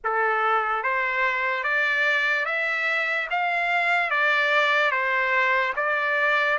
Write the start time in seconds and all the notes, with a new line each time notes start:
0.03 A4
0.83 C5
1.63 D5
2.45 E5
3.30 F5
4.10 D5
4.91 C5
5.76 D5